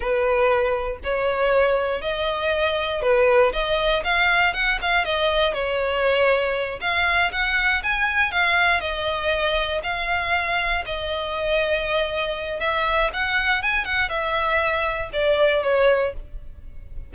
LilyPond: \new Staff \with { instrumentName = "violin" } { \time 4/4 \tempo 4 = 119 b'2 cis''2 | dis''2 b'4 dis''4 | f''4 fis''8 f''8 dis''4 cis''4~ | cis''4. f''4 fis''4 gis''8~ |
gis''8 f''4 dis''2 f''8~ | f''4. dis''2~ dis''8~ | dis''4 e''4 fis''4 gis''8 fis''8 | e''2 d''4 cis''4 | }